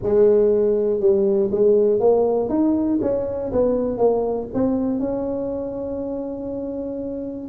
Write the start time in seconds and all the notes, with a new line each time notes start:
0.02 G#3
1.00 G3
1.51 G#3
2.00 A#3
2.49 D#4
3.01 C#4
3.52 B3
3.97 A#3
4.54 C4
4.99 C#4